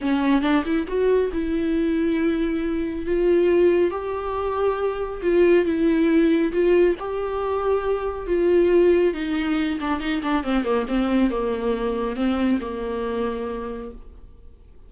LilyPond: \new Staff \with { instrumentName = "viola" } { \time 4/4 \tempo 4 = 138 cis'4 d'8 e'8 fis'4 e'4~ | e'2. f'4~ | f'4 g'2. | f'4 e'2 f'4 |
g'2. f'4~ | f'4 dis'4. d'8 dis'8 d'8 | c'8 ais8 c'4 ais2 | c'4 ais2. | }